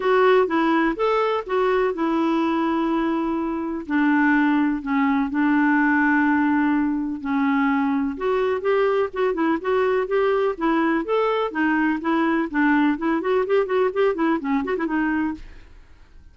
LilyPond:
\new Staff \with { instrumentName = "clarinet" } { \time 4/4 \tempo 4 = 125 fis'4 e'4 a'4 fis'4 | e'1 | d'2 cis'4 d'4~ | d'2. cis'4~ |
cis'4 fis'4 g'4 fis'8 e'8 | fis'4 g'4 e'4 a'4 | dis'4 e'4 d'4 e'8 fis'8 | g'8 fis'8 g'8 e'8 cis'8 fis'16 e'16 dis'4 | }